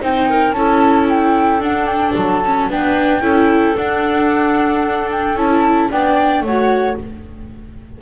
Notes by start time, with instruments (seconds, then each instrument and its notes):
0.00 double bass C4, viola D#4, clarinet C5, flute G5
0.29 clarinet A#4
0.52 double bass C#4, viola E4, clarinet A4, flute A5
1.09 flute G5
1.59 double bass D4, viola D4, flute F#5
1.85 flute G5
2.15 double bass F#3, flute A5
2.45 viola C#4
2.69 double bass B3, viola D4, clarinet B4, flute G5
3.20 double bass C#4, viola E4, clarinet A4
3.76 double bass D4, viola D4, flute F#5
5.10 flute G5
5.35 double bass C#4, viola E4, flute A5
5.90 double bass B3, viola D4, clarinet D5, flute G5
6.41 double bass A3, clarinet C#5, flute F#5
6.48 viola F#4